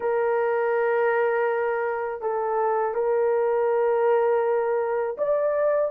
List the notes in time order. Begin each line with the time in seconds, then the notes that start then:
0.00 A#4
2.21 A4
2.94 A#4
5.17 D5